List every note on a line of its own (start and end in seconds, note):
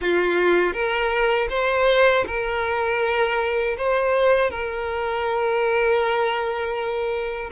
0.01 0.73 F4
0.73 1.48 A#4
1.49 2.24 C5
2.26 3.76 A#4
3.77 4.50 C5
4.50 7.50 A#4